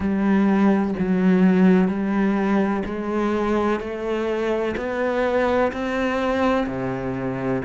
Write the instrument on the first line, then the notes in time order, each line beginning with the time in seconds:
cello
0.00 G3
0.98 F#3
1.88 G3
2.85 G#3
3.80 A3
4.76 B3
5.72 C4
6.67 C3